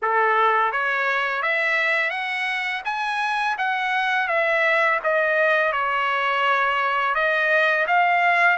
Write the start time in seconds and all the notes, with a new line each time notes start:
0.02 A4
0.71 C#5
1.42 E5
2.10 F#5
2.84 G#5
3.57 F#5
4.28 E5
5.03 D#5
5.72 C#5
7.14 D#5
7.87 F5